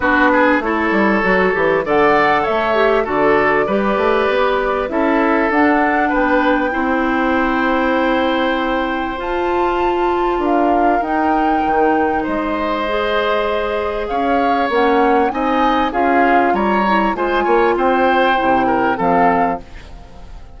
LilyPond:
<<
  \new Staff \with { instrumentName = "flute" } { \time 4/4 \tempo 4 = 98 b'4 cis''2 fis''4 | e''4 d''2. | e''4 fis''4 g''2~ | g''2. a''4~ |
a''4 f''4 g''2 | dis''2. f''4 | fis''4 gis''4 f''4 ais''4 | gis''4 g''2 f''4 | }
  \new Staff \with { instrumentName = "oboe" } { \time 4/4 fis'8 gis'8 a'2 d''4 | cis''4 a'4 b'2 | a'2 b'4 c''4~ | c''1~ |
c''4 ais'2. | c''2. cis''4~ | cis''4 dis''4 gis'4 cis''4 | c''8 cis''8 c''4. ais'8 a'4 | }
  \new Staff \with { instrumentName = "clarinet" } { \time 4/4 d'4 e'4 fis'8 g'8 a'4~ | a'8 g'8 fis'4 g'2 | e'4 d'2 e'4~ | e'2. f'4~ |
f'2 dis'2~ | dis'4 gis'2. | cis'4 dis'4 f'4. e'8 | f'2 e'4 c'4 | }
  \new Staff \with { instrumentName = "bassoon" } { \time 4/4 b4 a8 g8 fis8 e8 d4 | a4 d4 g8 a8 b4 | cis'4 d'4 b4 c'4~ | c'2. f'4~ |
f'4 d'4 dis'4 dis4 | gis2. cis'4 | ais4 c'4 cis'4 g4 | gis8 ais8 c'4 c4 f4 | }
>>